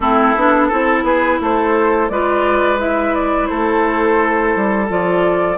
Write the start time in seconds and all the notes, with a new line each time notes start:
0.00 A3 C4 E4 A4
0.35 B3 D4
0.68 C4 E4 A4
1.03 B3 G#4 B4
1.40 A3 A4 C5
2.09 G#3 F4 B4 D5
2.78 E4 E5
3.14 D5
3.46 A3 A4 C5
4.55 G3
4.88 F3 F4 D5